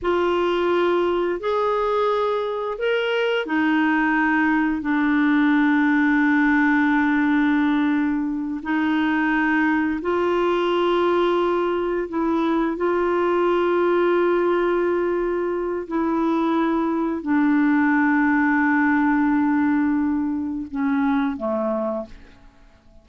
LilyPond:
\new Staff \with { instrumentName = "clarinet" } { \time 4/4 \tempo 4 = 87 f'2 gis'2 | ais'4 dis'2 d'4~ | d'1~ | d'8 dis'2 f'4.~ |
f'4. e'4 f'4.~ | f'2. e'4~ | e'4 d'2.~ | d'2 cis'4 a4 | }